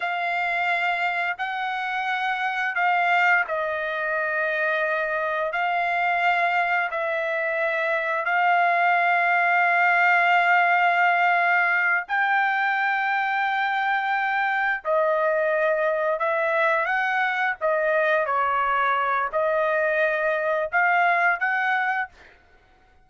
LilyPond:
\new Staff \with { instrumentName = "trumpet" } { \time 4/4 \tempo 4 = 87 f''2 fis''2 | f''4 dis''2. | f''2 e''2 | f''1~ |
f''4. g''2~ g''8~ | g''4. dis''2 e''8~ | e''8 fis''4 dis''4 cis''4. | dis''2 f''4 fis''4 | }